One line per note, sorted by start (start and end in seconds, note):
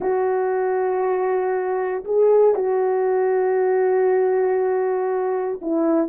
0.00 2.04 F#4
2.04 2.54 G#4
2.54 5.59 F#4
5.61 6.08 E4